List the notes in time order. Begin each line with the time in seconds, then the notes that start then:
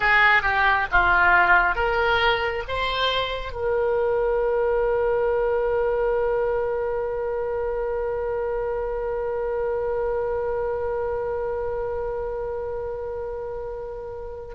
0.00 G#4
0.42 G4
0.91 F4
1.75 A#4
2.68 C5
3.52 A#4